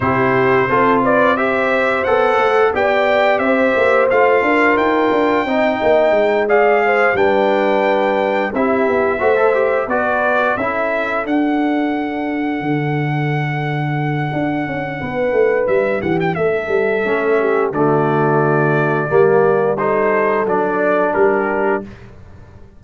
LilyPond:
<<
  \new Staff \with { instrumentName = "trumpet" } { \time 4/4 \tempo 4 = 88 c''4. d''8 e''4 fis''4 | g''4 e''4 f''4 g''4~ | g''4. f''4 g''4.~ | g''8 e''2 d''4 e''8~ |
e''8 fis''2.~ fis''8~ | fis''2. e''8 fis''16 g''16 | e''2 d''2~ | d''4 c''4 d''4 ais'4 | }
  \new Staff \with { instrumentName = "horn" } { \time 4/4 g'4 a'8 b'8 c''2 | d''4 c''4. ais'4. | dis''4. d''8 c''8 b'4.~ | b'8 g'4 c''4 b'4 a'8~ |
a'1~ | a'2 b'4. g'8 | a'4. g'8 fis'2 | g'4 a'2 g'4 | }
  \new Staff \with { instrumentName = "trombone" } { \time 4/4 e'4 f'4 g'4 a'4 | g'2 f'2 | dis'4. gis'4 d'4.~ | d'8 e'4 fis'16 a'16 g'8 fis'4 e'8~ |
e'8 d'2.~ d'8~ | d'1~ | d'4 cis'4 a2 | ais4 dis'4 d'2 | }
  \new Staff \with { instrumentName = "tuba" } { \time 4/4 c4 c'2 b8 a8 | b4 c'8 ais8 a8 d'8 dis'8 d'8 | c'8 ais8 gis4. g4.~ | g8 c'8 b8 a4 b4 cis'8~ |
cis'8 d'2 d4.~ | d4 d'8 cis'8 b8 a8 g8 e8 | a8 g8 a4 d2 | g2 fis4 g4 | }
>>